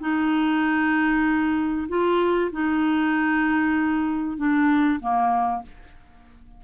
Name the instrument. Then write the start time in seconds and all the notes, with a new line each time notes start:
clarinet
0.00 D#4
1.88 F4
2.52 D#4
4.37 D4
5.00 A#3